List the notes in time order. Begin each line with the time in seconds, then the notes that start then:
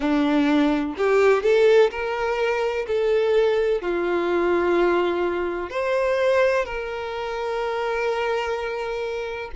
0.00 D4
0.97 G4
1.42 A4
1.90 A#4
2.87 A4
3.81 F4
5.69 C5
6.65 A#4